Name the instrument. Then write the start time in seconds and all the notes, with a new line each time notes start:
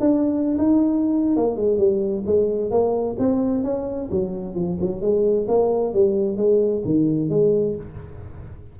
tuba
0.00 D4
0.58 D#4
1.36 A#3
1.56 G#3
1.78 G3
2.26 G#3
2.71 A#3
3.19 C4
3.63 C#4
4.11 F#3
4.55 F3
4.80 F#3
5.01 G#3
5.48 A#3
5.93 G3
6.37 G#3
6.85 D#3
7.30 G#3